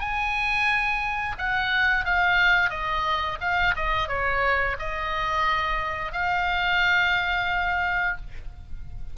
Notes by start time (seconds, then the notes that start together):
0.00 G#5
1.39 F#5
2.05 F5
2.70 D#5
3.41 F5
3.76 D#5
4.08 C#5
4.79 D#5
6.13 F5